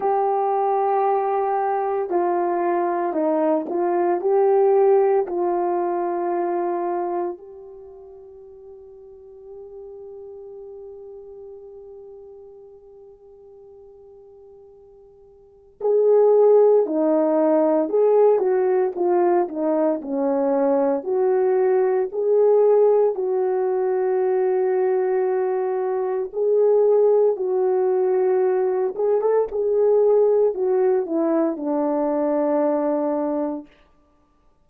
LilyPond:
\new Staff \with { instrumentName = "horn" } { \time 4/4 \tempo 4 = 57 g'2 f'4 dis'8 f'8 | g'4 f'2 g'4~ | g'1~ | g'2. gis'4 |
dis'4 gis'8 fis'8 f'8 dis'8 cis'4 | fis'4 gis'4 fis'2~ | fis'4 gis'4 fis'4. gis'16 a'16 | gis'4 fis'8 e'8 d'2 | }